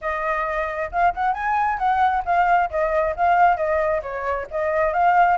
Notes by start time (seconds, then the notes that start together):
0.01 D#5
0.91 F5
1.14 F#5
1.33 G#5
1.78 F#5
2.25 F5
2.70 D#5
3.16 F5
3.56 D#5
4.02 C#5
4.50 D#5
4.93 F5